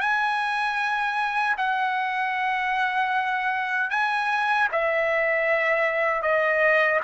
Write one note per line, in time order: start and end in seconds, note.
0.00 1.56 G#5
1.57 3.90 F#5
3.90 4.68 G#5
4.72 6.22 E5
6.22 7.00 D#5